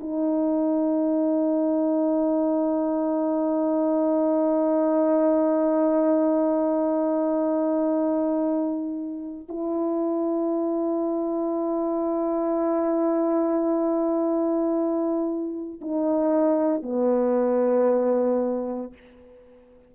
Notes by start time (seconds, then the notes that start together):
0.00 D#4
9.49 E4
15.81 D#4
16.82 B3